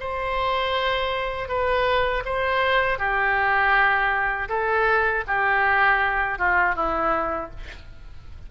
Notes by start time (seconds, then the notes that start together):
0.00 C5
1.48 B4
2.25 C5
2.99 G4
4.49 A4
5.27 G4
6.39 F4
6.75 E4